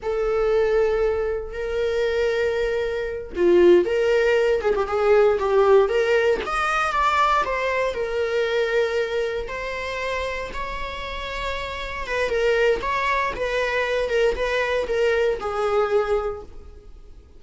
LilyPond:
\new Staff \with { instrumentName = "viola" } { \time 4/4 \tempo 4 = 117 a'2. ais'4~ | ais'2~ ais'8 f'4 ais'8~ | ais'4 gis'16 g'16 gis'4 g'4 ais'8~ | ais'8 dis''4 d''4 c''4 ais'8~ |
ais'2~ ais'8 c''4.~ | c''8 cis''2. b'8 | ais'4 cis''4 b'4. ais'8 | b'4 ais'4 gis'2 | }